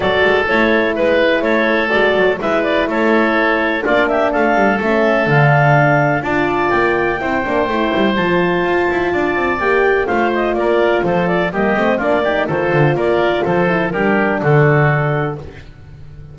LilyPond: <<
  \new Staff \with { instrumentName = "clarinet" } { \time 4/4 \tempo 4 = 125 d''4 cis''4 b'4 cis''4 | d''4 e''8 d''8 cis''2 | d''8 e''8 f''4 e''4 f''4~ | f''4 a''4 g''2~ |
g''4 a''2. | g''4 f''8 dis''8 d''4 c''8 d''8 | dis''4 d''4 c''4 d''4 | c''4 ais'4 a'2 | }
  \new Staff \with { instrumentName = "oboe" } { \time 4/4 a'2 b'4 a'4~ | a'4 b'4 a'2 | f'8 g'8 a'2.~ | a'4 d''2 c''4~ |
c''2. d''4~ | d''4 c''4 ais'4 a'4 | g'4 f'8 g'8 a'4 ais'4 | a'4 g'4 fis'2 | }
  \new Staff \with { instrumentName = "horn" } { \time 4/4 fis'4 e'2. | fis'4 e'2. | d'2 cis'4 d'4~ | d'4 f'2 e'8 d'8 |
e'4 f'2. | g'4 f'2. | ais8 c'8 d'8 dis'8 f'2~ | f'8 e'8 d'2. | }
  \new Staff \with { instrumentName = "double bass" } { \time 4/4 fis8 gis8 a4 gis4 a4 | gis8 fis8 gis4 a2 | ais4 a8 g8 a4 d4~ | d4 d'4 ais4 c'8 ais8 |
a8 g8 f4 f'8 e'8 d'8 c'8 | ais4 a4 ais4 f4 | g8 a8 ais4 dis8 d8 ais4 | f4 g4 d2 | }
>>